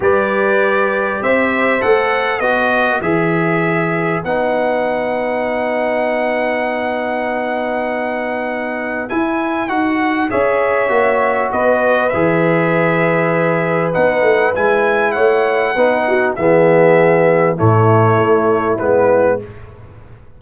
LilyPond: <<
  \new Staff \with { instrumentName = "trumpet" } { \time 4/4 \tempo 4 = 99 d''2 e''4 fis''4 | dis''4 e''2 fis''4~ | fis''1~ | fis''2. gis''4 |
fis''4 e''2 dis''4 | e''2. fis''4 | gis''4 fis''2 e''4~ | e''4 cis''2 b'4 | }
  \new Staff \with { instrumentName = "horn" } { \time 4/4 b'2 c''2 | b'1~ | b'1~ | b'1~ |
b'4 cis''2 b'4~ | b'1~ | b'4 cis''4 b'8 fis'8 gis'4~ | gis'4 e'2. | }
  \new Staff \with { instrumentName = "trombone" } { \time 4/4 g'2. a'4 | fis'4 gis'2 dis'4~ | dis'1~ | dis'2. e'4 |
fis'4 gis'4 fis'2 | gis'2. dis'4 | e'2 dis'4 b4~ | b4 a2 b4 | }
  \new Staff \with { instrumentName = "tuba" } { \time 4/4 g2 c'4 a4 | b4 e2 b4~ | b1~ | b2. e'4 |
dis'4 cis'4 ais4 b4 | e2. b8 a8 | gis4 a4 b4 e4~ | e4 a,4 a4 gis4 | }
>>